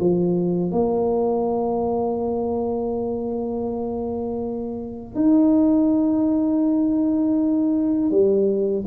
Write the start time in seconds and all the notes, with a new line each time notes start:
0.00 F3
0.71 A#3
5.15 D#4
8.11 G3